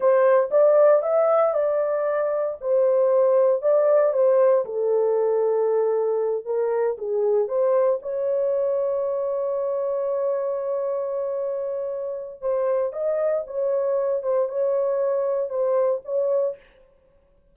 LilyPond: \new Staff \with { instrumentName = "horn" } { \time 4/4 \tempo 4 = 116 c''4 d''4 e''4 d''4~ | d''4 c''2 d''4 | c''4 a'2.~ | a'8 ais'4 gis'4 c''4 cis''8~ |
cis''1~ | cis''1 | c''4 dis''4 cis''4. c''8 | cis''2 c''4 cis''4 | }